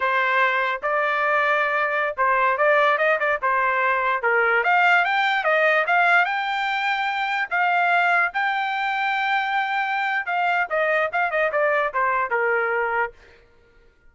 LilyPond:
\new Staff \with { instrumentName = "trumpet" } { \time 4/4 \tempo 4 = 146 c''2 d''2~ | d''4~ d''16 c''4 d''4 dis''8 d''16~ | d''16 c''2 ais'4 f''8.~ | f''16 g''4 dis''4 f''4 g''8.~ |
g''2~ g''16 f''4.~ f''16~ | f''16 g''2.~ g''8.~ | g''4 f''4 dis''4 f''8 dis''8 | d''4 c''4 ais'2 | }